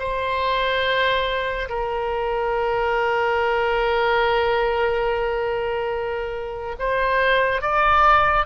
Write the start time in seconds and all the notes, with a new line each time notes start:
0.00 C5
1.69 A#4
6.79 C5
7.62 D5